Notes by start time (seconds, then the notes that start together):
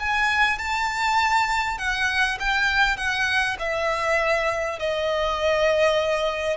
0.00 G#5
0.59 A5
1.78 F#5
2.40 G5
2.97 F#5
3.59 E5
4.79 D#5